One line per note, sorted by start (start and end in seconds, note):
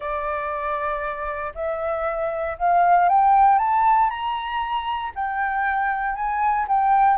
0.00 1.52 D5
1.54 2.57 E5
2.58 3.08 F5
3.08 3.58 G5
3.58 4.09 A5
4.10 5.12 A#5
5.15 6.15 G5
6.15 6.66 G#5
6.68 7.17 G5